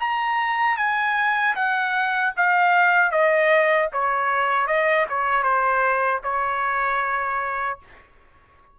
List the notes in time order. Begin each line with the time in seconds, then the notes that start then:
0.00 A#5
0.78 G#5
1.56 F#5
2.37 F5
3.12 D#5
3.93 C#5
4.68 D#5
5.10 C#5
5.44 C5
6.23 C#5